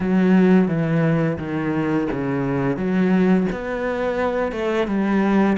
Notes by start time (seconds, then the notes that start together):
0.00 F#3
0.68 E3
1.38 D#3
2.12 C#3
2.77 F#3
3.52 B3
4.52 A3
4.87 G3